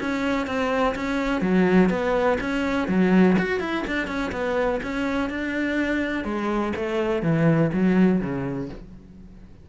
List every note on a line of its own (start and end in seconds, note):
0.00 0.47 C#4
0.47 0.95 C4
0.95 1.41 C#4
1.41 1.89 F#3
1.90 2.38 B3
2.40 2.88 C#4
2.88 3.36 F#3
3.38 3.60 F#4
3.60 3.84 E4
3.87 4.07 D4
4.07 4.31 C#4
4.32 4.81 B3
4.83 5.30 C#4
5.30 6.24 D4
6.24 6.73 G#3
6.76 7.23 A3
7.23 7.71 E3
7.73 8.21 F#3
8.21 8.69 C#3